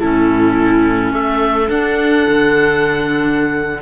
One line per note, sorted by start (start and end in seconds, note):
0.00 1.13 A2
0.00 1.68 C#4
0.00 1.12 E4
0.00 1.13 A4
1.12 1.70 A3
1.12 3.81 A4
1.12 1.70 E5
1.68 3.81 D4
1.68 2.27 D4
1.68 3.82 F#5
2.29 3.82 D3